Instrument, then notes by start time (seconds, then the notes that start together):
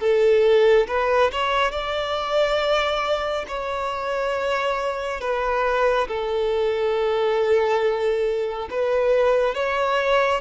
violin
0.00 A4
0.87 B4
1.32 C#5
1.72 D5
3.48 C#5
5.21 B4
6.08 A4
8.70 B4
9.55 C#5